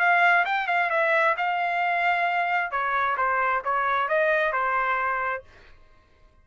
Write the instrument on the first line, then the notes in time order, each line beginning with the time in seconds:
trumpet
0.00 F5
0.46 G5
0.68 F5
0.90 E5
1.38 F5
2.71 C#5
3.18 C5
3.65 C#5
4.09 D#5
4.53 C5